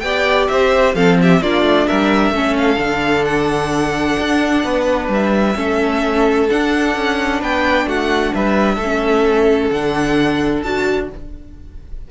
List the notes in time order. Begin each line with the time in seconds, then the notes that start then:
0.00 B3 G4 D5 G5
0.48 C4 C5 E5
0.95 F3 C4 A4 F5
1.22 G4 E5
1.41 A#3 D4 F4 D5
1.62 A3
1.87 G3 A#4 E5
2.31 A3 C#4 A4
2.57 F5
2.77 D3 D4
3.25 F#5
4.19 D4
4.65 B3 B4
5.09 G3 E5
5.56 A3 C#4 A4
6.50 D4 F#5
6.96 C#4
7.40 B3 B4 G5
7.86 A3 F#4 F#5
8.34 G3 B4 E5
8.75 A3 A4
8.83 C#4
9.71 D3 D4 F#5
10.63 D4 F#4 A5